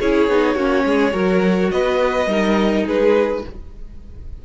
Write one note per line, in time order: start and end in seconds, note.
0.00 0.28 C#4
0.00 0.30 E4
0.00 0.55 G#4
0.00 1.71 C#5
0.28 0.55 B3
0.28 0.58 D#4
0.55 0.84 A#3
0.55 1.12 C#4
0.55 0.84 F#4
0.85 1.14 G#3
0.85 1.14 G#4
1.12 1.71 F#3
1.12 2.26 F#4
1.12 1.71 A#4
1.71 2.26 B3
1.71 2.29 B4
1.71 2.86 D#5
2.26 2.83 G3
2.26 3.43 D#4
2.26 2.86 A#4
2.86 3.45 G#3
2.86 3.43 G#4
2.86 3.45 B4